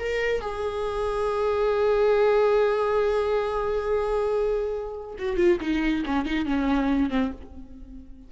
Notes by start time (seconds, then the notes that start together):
0.00 A#4
0.41 G#4
5.19 F#4
5.37 F4
5.61 D#4
6.06 C#4
6.26 D#4
6.46 C#4
7.10 C4